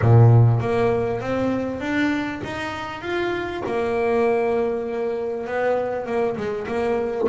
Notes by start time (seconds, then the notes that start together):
0.01 A#2
0.60 A#3
1.21 C4
1.80 D4
2.44 D#4
3.01 F4
3.65 A#3
5.47 B3
6.06 A#3
6.36 G#3
6.67 A#3